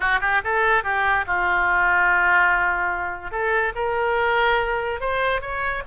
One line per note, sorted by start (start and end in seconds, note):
0.00 0.20 F#4
0.20 0.41 G4
0.44 0.83 A4
0.83 1.25 G4
1.27 3.31 F4
3.31 3.73 A4
3.75 5.00 A#4
5.00 5.41 C5
5.41 5.83 C#5